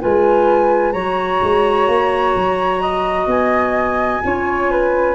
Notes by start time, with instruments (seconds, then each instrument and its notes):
0.00 tuba G#3, clarinet F4, flute B4 G#5
0.92 tuba F#3, clarinet F#4, flute C#5 A#5
1.42 tuba G#3
1.88 tuba A#3
2.35 tuba F#3
2.81 flute D#5
3.26 tuba B3, flute G#5
4.23 tuba C#4, clarinet F4, flute C#5
4.71 flute B4